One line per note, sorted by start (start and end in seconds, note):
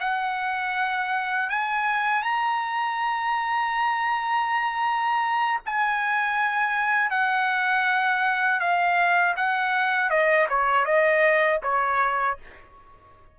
0.00 1.50 F#5
1.50 2.23 G#5
2.23 5.60 A#5
5.66 7.10 G#5
7.10 8.60 F#5
8.60 9.35 F5
9.36 10.10 F#5
10.10 10.47 D#5
10.49 10.85 C#5
10.85 11.60 D#5
11.63 12.38 C#5